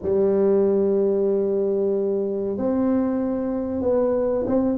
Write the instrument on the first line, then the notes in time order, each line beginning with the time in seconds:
tuba
0.02 G3
2.57 C4
3.81 B3
4.47 C4